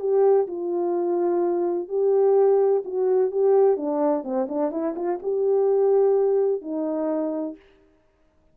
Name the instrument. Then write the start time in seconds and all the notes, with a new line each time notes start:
horn
0.00 G4
0.47 F4
1.89 G4
2.85 F#4
3.32 G4
3.77 D4
4.24 C4
4.49 D4
4.72 E4
4.96 F4
5.23 G4
6.62 D#4